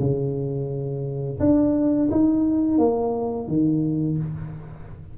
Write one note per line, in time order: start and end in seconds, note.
0.00 1.40 C#3
1.40 2.10 D4
2.12 2.78 D#4
2.78 3.48 A#3
3.48 4.18 D#3